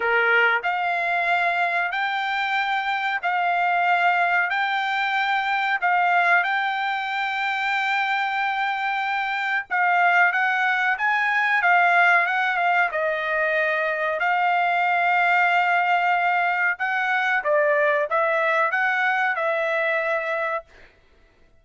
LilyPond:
\new Staff \with { instrumentName = "trumpet" } { \time 4/4 \tempo 4 = 93 ais'4 f''2 g''4~ | g''4 f''2 g''4~ | g''4 f''4 g''2~ | g''2. f''4 |
fis''4 gis''4 f''4 fis''8 f''8 | dis''2 f''2~ | f''2 fis''4 d''4 | e''4 fis''4 e''2 | }